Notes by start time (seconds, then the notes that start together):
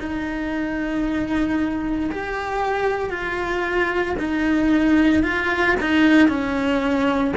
0.00 D#4
2.12 G4
3.11 F4
4.19 D#4
5.23 F4
5.81 D#4
6.29 C#4